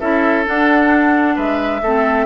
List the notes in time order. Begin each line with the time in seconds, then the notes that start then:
0.00 C#4 E4 A4 E5
0.45 D4 F#5
1.36 G#3 B4 E5
1.82 A3 C4 A4